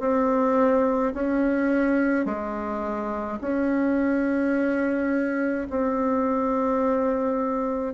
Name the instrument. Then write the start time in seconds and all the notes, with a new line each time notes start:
bassoon
0.00 C4
1.14 C#4
2.26 G#3
3.41 C#4
5.71 C4